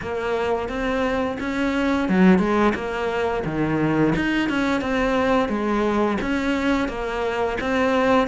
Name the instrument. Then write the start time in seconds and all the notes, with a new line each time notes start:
cello
0.02 A#3
0.68 C4
1.40 C#4
2.08 F#3
2.38 G#3
2.74 A#3
3.45 D#3
4.15 D#4
4.49 C#4
4.81 C4
5.48 G#3
6.21 C#4
6.88 A#3
7.60 C4